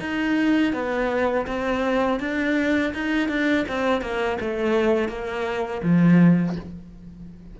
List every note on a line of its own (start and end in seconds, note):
0.00 0.73 D#4
0.73 1.46 B3
1.47 2.20 C4
2.20 2.93 D4
2.94 3.29 D#4
3.29 3.65 D4
3.68 4.01 C4
4.01 4.38 A#3
4.41 5.09 A3
5.09 5.82 A#3
5.83 6.56 F3